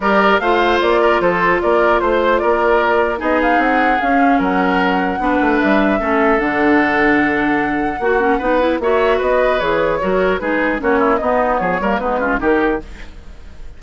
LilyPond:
<<
  \new Staff \with { instrumentName = "flute" } { \time 4/4 \tempo 4 = 150 d''4 f''4 d''4 c''4 | d''4 c''4 d''2 | dis''8 f''8 fis''4 f''4 fis''4~ | fis''2 e''2 |
fis''1~ | fis''2 e''4 dis''4 | cis''2 b'4 cis''4 | dis''4 cis''4 b'4 ais'4 | }
  \new Staff \with { instrumentName = "oboe" } { \time 4/4 ais'4 c''4. ais'8 a'4 | ais'4 c''4 ais'2 | gis'2. ais'4~ | ais'4 b'2 a'4~ |
a'1 | fis'4 b'4 cis''4 b'4~ | b'4 ais'4 gis'4 fis'8 e'8 | dis'4 gis'8 ais'8 dis'8 f'8 g'4 | }
  \new Staff \with { instrumentName = "clarinet" } { \time 4/4 g'4 f'2.~ | f'1 | dis'2 cis'2~ | cis'4 d'2 cis'4 |
d'1 | fis'8 cis'8 dis'8 e'8 fis'2 | gis'4 fis'4 dis'4 cis'4 | b4. ais8 b8 cis'8 dis'4 | }
  \new Staff \with { instrumentName = "bassoon" } { \time 4/4 g4 a4 ais4 f4 | ais4 a4 ais2 | b4 c'4 cis'4 fis4~ | fis4 b8 a8 g4 a4 |
d1 | ais4 b4 ais4 b4 | e4 fis4 gis4 ais4 | b4 f8 g8 gis4 dis4 | }
>>